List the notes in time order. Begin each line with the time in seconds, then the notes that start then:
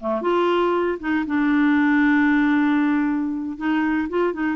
0.00 A3
0.22 F4
1.00 D#4
1.26 D4
3.57 D#4
4.09 F4
4.33 D#4